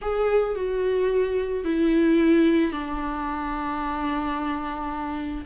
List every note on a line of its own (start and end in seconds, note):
0.01 0.55 G#4
0.55 1.64 F#4
1.64 2.71 E4
2.71 5.44 D4